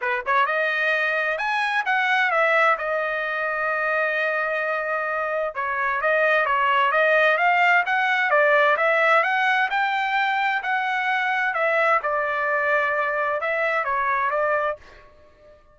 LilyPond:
\new Staff \with { instrumentName = "trumpet" } { \time 4/4 \tempo 4 = 130 b'8 cis''8 dis''2 gis''4 | fis''4 e''4 dis''2~ | dis''1 | cis''4 dis''4 cis''4 dis''4 |
f''4 fis''4 d''4 e''4 | fis''4 g''2 fis''4~ | fis''4 e''4 d''2~ | d''4 e''4 cis''4 d''4 | }